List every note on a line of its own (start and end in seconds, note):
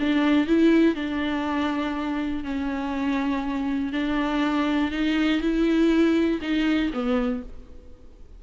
0.00 0.48 D4
0.48 0.95 E4
0.95 2.44 D4
2.44 3.93 C#4
3.93 4.92 D4
4.92 5.41 D#4
5.41 6.40 E4
6.42 6.91 D#4
6.94 7.43 B3